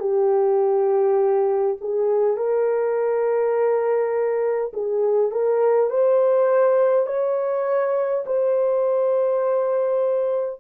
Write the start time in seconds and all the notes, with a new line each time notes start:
0.00 G4
1.81 G#4
2.37 A#4
4.73 G#4
5.32 A#4
5.90 C5
7.07 C#5
8.26 C5